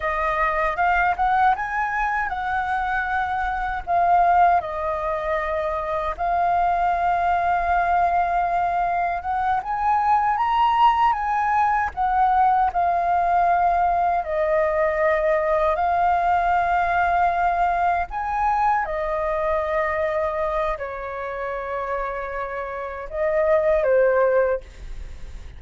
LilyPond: \new Staff \with { instrumentName = "flute" } { \time 4/4 \tempo 4 = 78 dis''4 f''8 fis''8 gis''4 fis''4~ | fis''4 f''4 dis''2 | f''1 | fis''8 gis''4 ais''4 gis''4 fis''8~ |
fis''8 f''2 dis''4.~ | dis''8 f''2. gis''8~ | gis''8 dis''2~ dis''8 cis''4~ | cis''2 dis''4 c''4 | }